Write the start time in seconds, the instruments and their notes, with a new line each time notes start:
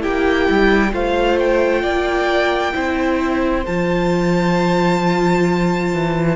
0.00 cello A#3, viola E4, violin G4 G5
0.50 cello G3
0.92 cello A3, viola F4, violin C5 F5
1.39 violin G5
1.83 cello A#3, violin D5
2.73 cello C4, viola E4, violin C5
3.66 cello F3, viola F4, violin A5
5.93 cello E3